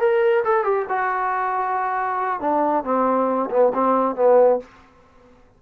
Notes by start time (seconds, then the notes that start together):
0.00 A#4
0.45 A4
0.64 G4
0.89 F#4
2.40 D4
2.84 C4
3.51 B3
3.74 C4
4.16 B3